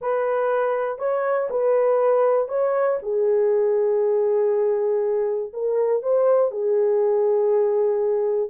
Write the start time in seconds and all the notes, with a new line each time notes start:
0.01 B4
0.98 C#5
1.50 B4
2.48 C#5
3.02 G#4
5.53 A#4
6.02 C5
6.51 G#4